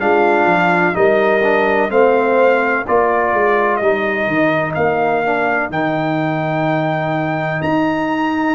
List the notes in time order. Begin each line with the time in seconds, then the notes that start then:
0.00 G#3 D4 F4 F5
0.46 F3
0.93 G3 D#4 A#4 D#5
1.43 D4
1.90 A3 C4 C5 F5
2.86 A#3 F4 A#4 D5
3.34 G#3
3.77 G3 D#4 D#5
4.28 D#3
4.75 A#3 F5
5.25 D4
5.70 D#3 D#4 G5
7.62 D#4 A#5